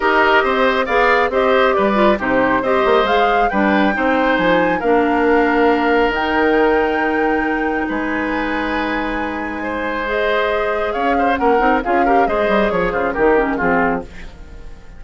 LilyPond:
<<
  \new Staff \with { instrumentName = "flute" } { \time 4/4 \tempo 4 = 137 dis''2 f''4 dis''4 | d''4 c''4 dis''4 f''4 | g''2 gis''4 f''4~ | f''2 g''2~ |
g''2 gis''2~ | gis''2. dis''4~ | dis''4 f''4 fis''4 f''4 | dis''4 cis''8 c''8 ais'4 gis'4 | }
  \new Staff \with { instrumentName = "oboe" } { \time 4/4 ais'4 c''4 d''4 c''4 | b'4 g'4 c''2 | b'4 c''2 ais'4~ | ais'1~ |
ais'2 b'2~ | b'2 c''2~ | c''4 cis''8 c''8 ais'4 gis'8 ais'8 | c''4 cis''8 f'8 g'4 f'4 | }
  \new Staff \with { instrumentName = "clarinet" } { \time 4/4 g'2 gis'4 g'4~ | g'8 f'8 dis'4 g'4 gis'4 | d'4 dis'2 d'4~ | d'2 dis'2~ |
dis'1~ | dis'2. gis'4~ | gis'2 cis'8 dis'8 f'8 g'8 | gis'2 dis'8 cis'8 c'4 | }
  \new Staff \with { instrumentName = "bassoon" } { \time 4/4 dis'4 c'4 b4 c'4 | g4 c4 c'8 ais8 gis4 | g4 c'4 f4 ais4~ | ais2 dis2~ |
dis2 gis2~ | gis1~ | gis4 cis'4 ais8 c'8 cis'4 | gis8 g8 f8 cis8 dis4 f4 | }
>>